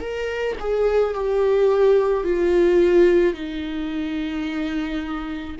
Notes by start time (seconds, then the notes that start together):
0.00 A#4
0.60 G#4
1.14 G4
2.24 F4
3.34 D#4